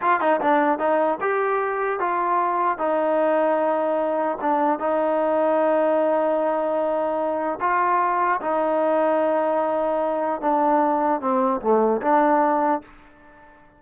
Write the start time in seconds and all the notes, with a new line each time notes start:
0.01 F4
0.20 D#4
0.40 D4
0.78 D#4
1.21 G4
1.99 F4
2.78 D#4
4.41 D4
4.79 D#4
7.60 F4
8.41 D#4
10.41 D4
11.21 C4
11.61 A3
12.01 D4